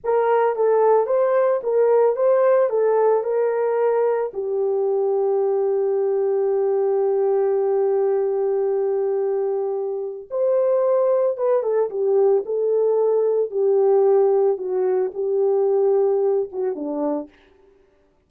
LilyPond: \new Staff \with { instrumentName = "horn" } { \time 4/4 \tempo 4 = 111 ais'4 a'4 c''4 ais'4 | c''4 a'4 ais'2 | g'1~ | g'1~ |
g'2. c''4~ | c''4 b'8 a'8 g'4 a'4~ | a'4 g'2 fis'4 | g'2~ g'8 fis'8 d'4 | }